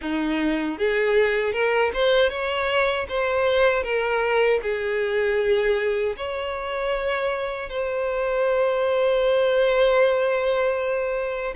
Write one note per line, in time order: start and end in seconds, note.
0.01 0.77 D#4
0.77 1.52 G#4
1.52 1.91 A#4
1.93 2.29 C5
2.29 3.06 C#5
3.08 3.83 C5
3.83 4.60 A#4
4.62 6.16 G#4
6.16 7.69 C#5
7.69 11.54 C5